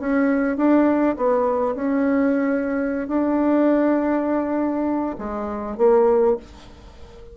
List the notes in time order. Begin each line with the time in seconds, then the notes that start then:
0.00 C#4
0.57 D4
1.17 B3
1.75 C#4
3.08 D4
5.18 G#3
5.78 A#3